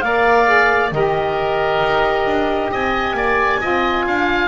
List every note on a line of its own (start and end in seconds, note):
0.00 0.91 A#3
0.00 0.45 A#4
0.00 0.94 D5
0.00 0.90 F5
0.45 0.89 G#4
0.91 1.81 D#3
0.91 3.60 G4
0.91 2.71 A#4
0.91 2.72 D#5
1.81 2.25 D#4
2.25 2.70 D4
2.71 3.13 C4
2.71 3.16 D#5
2.71 4.48 G#5
3.13 3.58 A#3
3.13 3.60 D5
3.60 4.07 C4
3.60 4.48 F4
3.60 4.05 D#5
4.07 4.48 D4
4.07 4.48 F5